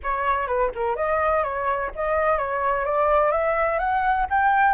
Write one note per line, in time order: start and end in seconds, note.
0.03 0.47 C#5
0.47 0.71 B4
0.74 0.95 A#4
0.95 1.43 D#5
1.43 1.91 C#5
1.95 2.38 D#5
2.38 2.84 C#5
2.84 3.31 D5
3.31 3.78 E5
3.78 4.26 F#5
4.30 4.74 G5